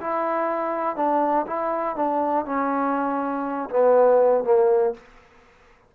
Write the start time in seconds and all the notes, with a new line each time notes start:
0.00 E4
0.96 D4
1.47 E4
1.95 D4
2.45 C#4
3.70 B3
4.44 A#3